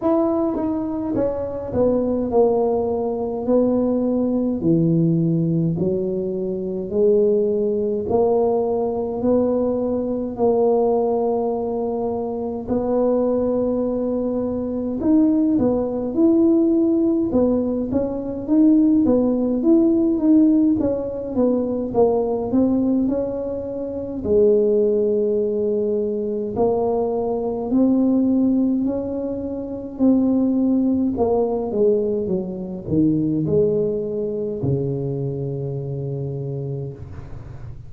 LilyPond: \new Staff \with { instrumentName = "tuba" } { \time 4/4 \tempo 4 = 52 e'8 dis'8 cis'8 b8 ais4 b4 | e4 fis4 gis4 ais4 | b4 ais2 b4~ | b4 dis'8 b8 e'4 b8 cis'8 |
dis'8 b8 e'8 dis'8 cis'8 b8 ais8 c'8 | cis'4 gis2 ais4 | c'4 cis'4 c'4 ais8 gis8 | fis8 dis8 gis4 cis2 | }